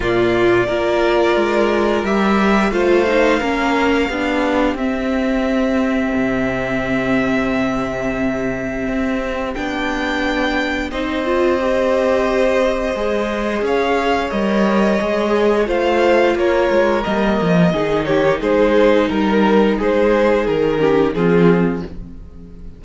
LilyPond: <<
  \new Staff \with { instrumentName = "violin" } { \time 4/4 \tempo 4 = 88 d''2. e''4 | f''2. e''4~ | e''1~ | e''2 g''2 |
dis''1 | f''4 dis''2 f''4 | cis''4 dis''4. cis''8 c''4 | ais'4 c''4 ais'4 gis'4 | }
  \new Staff \with { instrumentName = "violin" } { \time 4/4 f'4 ais'2. | c''4 ais'4 g'2~ | g'1~ | g'1 |
c''1 | cis''2. c''4 | ais'2 gis'8 g'8 gis'4 | ais'4 gis'4. g'8 f'4 | }
  \new Staff \with { instrumentName = "viola" } { \time 4/4 ais4 f'2 g'4 | f'8 dis'8 cis'4 d'4 c'4~ | c'1~ | c'2 d'2 |
dis'8 f'8 g'2 gis'4~ | gis'4 ais'4 gis'4 f'4~ | f'4 ais4 dis'2~ | dis'2~ dis'8 cis'8 c'4 | }
  \new Staff \with { instrumentName = "cello" } { \time 4/4 ais,4 ais4 gis4 g4 | a4 ais4 b4 c'4~ | c'4 c2.~ | c4 c'4 b2 |
c'2. gis4 | cis'4 g4 gis4 a4 | ais8 gis8 g8 f8 dis4 gis4 | g4 gis4 dis4 f4 | }
>>